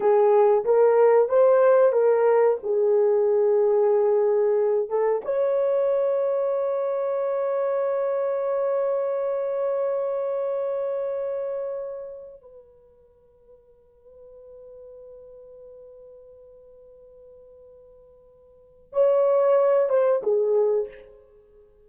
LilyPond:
\new Staff \with { instrumentName = "horn" } { \time 4/4 \tempo 4 = 92 gis'4 ais'4 c''4 ais'4 | gis'2.~ gis'8 a'8 | cis''1~ | cis''1~ |
cis''2. b'4~ | b'1~ | b'1~ | b'4 cis''4. c''8 gis'4 | }